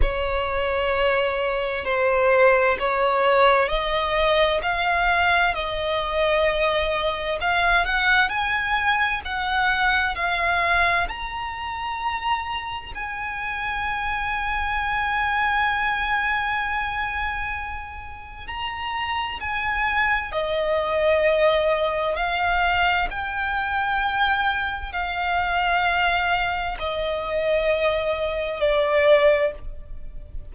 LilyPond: \new Staff \with { instrumentName = "violin" } { \time 4/4 \tempo 4 = 65 cis''2 c''4 cis''4 | dis''4 f''4 dis''2 | f''8 fis''8 gis''4 fis''4 f''4 | ais''2 gis''2~ |
gis''1 | ais''4 gis''4 dis''2 | f''4 g''2 f''4~ | f''4 dis''2 d''4 | }